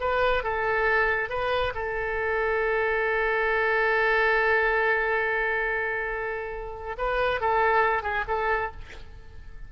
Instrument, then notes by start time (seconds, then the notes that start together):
oboe
0.00 B4
0.43 A4
1.29 B4
1.74 A4
6.98 B4
7.41 A4
8.02 G#4
8.28 A4